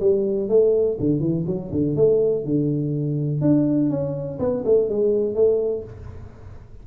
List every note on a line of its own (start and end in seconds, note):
0.00 0.49 G3
0.49 0.98 A3
1.00 1.20 D3
1.20 1.44 E3
1.46 1.71 F#3
1.72 1.96 D3
1.96 2.45 A3
2.45 3.41 D3
3.41 3.90 D4
3.90 4.39 C#4
4.39 4.63 B3
4.65 4.89 A3
4.89 5.35 G#3
5.35 5.84 A3